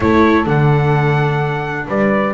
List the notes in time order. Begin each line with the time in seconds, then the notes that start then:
0.00 A3 E4 A4 C#5
0.45 D3 D4 F#5
1.87 G3 B4 D5